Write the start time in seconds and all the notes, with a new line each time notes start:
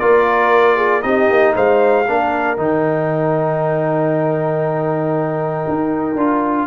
0.00 A#3 F4 A#4 D5
0.76 G#4
1.02 C4 D#4 G4 D#5
1.30 A#3
1.55 G#3 C5 F5
2.08 A#3 D4 A#4
2.58 D#3 D#4 G5
5.69 D#4
6.15 D4 F4